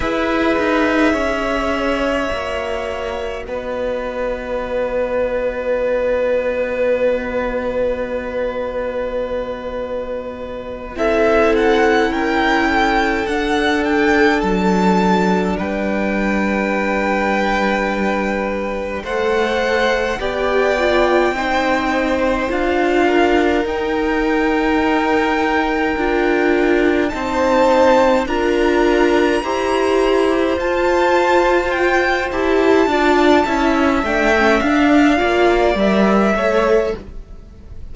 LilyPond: <<
  \new Staff \with { instrumentName = "violin" } { \time 4/4 \tempo 4 = 52 e''2. dis''4~ | dis''1~ | dis''4. e''8 fis''8 g''4 fis''8 | g''8 a''4 g''2~ g''8~ |
g''8 fis''4 g''2 f''8~ | f''8 g''2. a''8~ | a''8 ais''2 a''4 g''8 | a''4. g''8 f''4 e''4 | }
  \new Staff \with { instrumentName = "violin" } { \time 4/4 b'4 cis''2 b'4~ | b'1~ | b'4. a'4 ais'8 a'4~ | a'4. b'2~ b'8~ |
b'8 c''4 d''4 c''4. | ais'2.~ ais'8 c''8~ | c''8 ais'4 c''2~ c''8~ | c''8 d''8 e''4. d''4 cis''8 | }
  \new Staff \with { instrumentName = "viola" } { \time 4/4 gis'2 fis'2~ | fis'1~ | fis'4. e'2 d'8~ | d'1~ |
d'8 a'4 g'8 f'8 dis'4 f'8~ | f'8 dis'2 f'4 dis'8~ | dis'8 f'4 g'4 f'4. | g'8 f'8 e'8 d'16 cis'16 d'8 f'8 ais'8 a'8 | }
  \new Staff \with { instrumentName = "cello" } { \time 4/4 e'8 dis'8 cis'4 ais4 b4~ | b1~ | b4. c'4 cis'4 d'8~ | d'8 fis4 g2~ g8~ |
g8 a4 b4 c'4 d'8~ | d'8 dis'2 d'4 c'8~ | c'8 d'4 e'4 f'4. | e'8 d'8 cis'8 a8 d'8 ais8 g8 a8 | }
>>